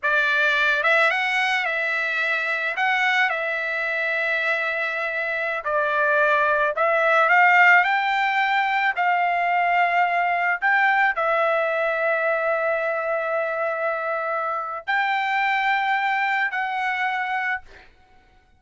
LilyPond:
\new Staff \with { instrumentName = "trumpet" } { \time 4/4 \tempo 4 = 109 d''4. e''8 fis''4 e''4~ | e''4 fis''4 e''2~ | e''2~ e''16 d''4.~ d''16~ | d''16 e''4 f''4 g''4.~ g''16~ |
g''16 f''2. g''8.~ | g''16 e''2.~ e''8.~ | e''2. g''4~ | g''2 fis''2 | }